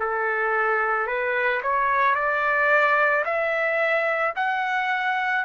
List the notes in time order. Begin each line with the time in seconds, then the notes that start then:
0.00 A4
1.07 B4
1.63 C#5
2.15 D5
3.25 E5
4.36 F#5